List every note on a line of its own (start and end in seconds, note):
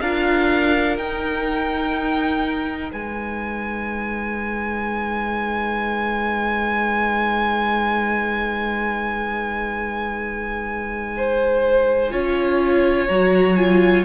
0.00 0.97 D4
0.00 0.99 F4
0.00 2.92 A#4
0.00 0.97 F5
0.97 2.91 D#4
0.97 12.11 D#4
0.97 2.91 G5
2.92 12.12 G#3
2.92 11.14 B4
2.92 13.08 G#5
11.17 12.12 C5
12.11 13.09 C#4
12.11 13.08 F4
12.11 14.05 C#5
13.08 14.05 F#3
13.08 13.57 F#4
13.08 13.56 A#5
13.56 14.05 F4
13.56 14.04 G#5